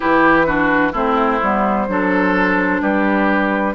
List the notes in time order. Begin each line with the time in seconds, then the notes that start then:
0.00 E3 E4 G4 B4
0.46 D4 F#4
0.92 A3 C4 E4 C5
1.41 G3 B3
1.88 F#3 D4 A4
2.81 G3 G4 B4